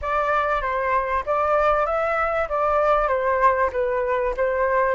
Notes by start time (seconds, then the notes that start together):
0.01 D5
0.61 C5
1.25 D5
1.86 E5
2.49 D5
3.08 C5
3.72 B4
4.36 C5